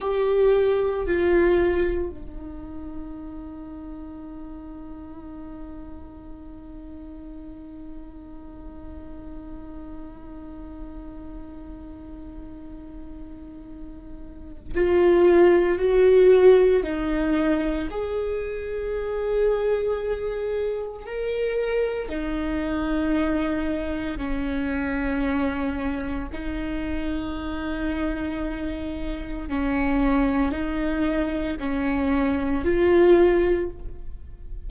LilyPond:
\new Staff \with { instrumentName = "viola" } { \time 4/4 \tempo 4 = 57 g'4 f'4 dis'2~ | dis'1~ | dis'1~ | dis'2 f'4 fis'4 |
dis'4 gis'2. | ais'4 dis'2 cis'4~ | cis'4 dis'2. | cis'4 dis'4 cis'4 f'4 | }